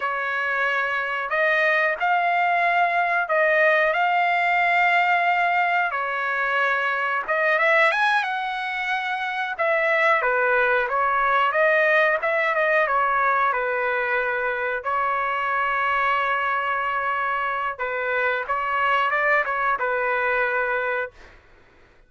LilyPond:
\new Staff \with { instrumentName = "trumpet" } { \time 4/4 \tempo 4 = 91 cis''2 dis''4 f''4~ | f''4 dis''4 f''2~ | f''4 cis''2 dis''8 e''8 | gis''8 fis''2 e''4 b'8~ |
b'8 cis''4 dis''4 e''8 dis''8 cis''8~ | cis''8 b'2 cis''4.~ | cis''2. b'4 | cis''4 d''8 cis''8 b'2 | }